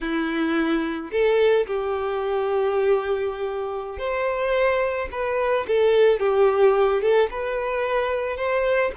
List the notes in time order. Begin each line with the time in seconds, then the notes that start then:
0.00 E4
1.11 A4
1.67 G4
3.98 C5
5.11 B4
5.67 A4
6.19 G4
7.02 A4
7.30 B4
8.36 C5